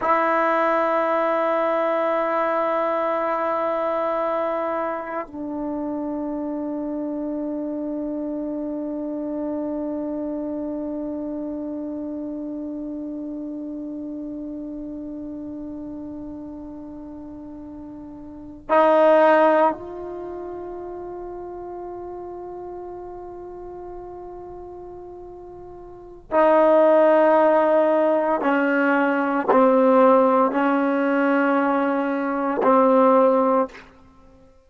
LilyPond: \new Staff \with { instrumentName = "trombone" } { \time 4/4 \tempo 4 = 57 e'1~ | e'4 d'2.~ | d'1~ | d'1~ |
d'4.~ d'16 dis'4 f'4~ f'16~ | f'1~ | f'4 dis'2 cis'4 | c'4 cis'2 c'4 | }